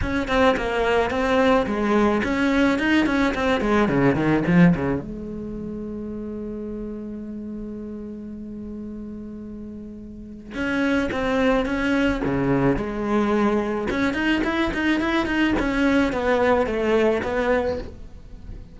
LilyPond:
\new Staff \with { instrumentName = "cello" } { \time 4/4 \tempo 4 = 108 cis'8 c'8 ais4 c'4 gis4 | cis'4 dis'8 cis'8 c'8 gis8 cis8 dis8 | f8 cis8 gis2.~ | gis1~ |
gis2. cis'4 | c'4 cis'4 cis4 gis4~ | gis4 cis'8 dis'8 e'8 dis'8 e'8 dis'8 | cis'4 b4 a4 b4 | }